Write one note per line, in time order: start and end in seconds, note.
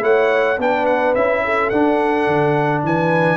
0.00 0.58 A3
0.00 0.56 E4
0.00 0.59 C#5
0.00 0.59 F#5
0.58 1.14 B3
0.58 1.16 D4
0.58 1.43 B4
0.58 0.86 G5
0.86 1.14 F#5
1.14 1.71 C#4
1.14 1.72 E4
1.14 1.69 E5
1.44 2.84 A4
1.69 2.27 D4
1.69 3.37 D4
1.69 2.81 F#5
2.27 2.83 D3
2.83 3.37 E3
2.83 3.37 B4
2.83 3.37 G#5